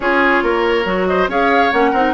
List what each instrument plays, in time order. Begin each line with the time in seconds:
0.00 bassoon C#4, clarinet F4, oboe G#4, flute C#5
0.42 bassoon A#3, oboe A#4
0.84 bassoon F#3, clarinet F#4
1.06 oboe C5, flute D#5
1.28 bassoon C#4, clarinet G#4, oboe C#5, flute F5
1.72 bassoon A#3, clarinet C#4, flute F#5
1.91 bassoon C4, clarinet D#4, oboe A#4